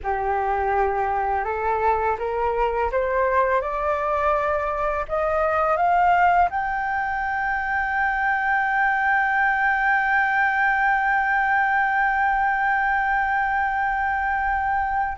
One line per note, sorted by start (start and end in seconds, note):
0.03 1.44 G4
1.44 2.17 A4
2.18 2.90 A#4
2.91 3.61 C5
3.61 5.05 D5
5.08 5.76 D#5
5.76 6.49 F5
6.50 15.17 G5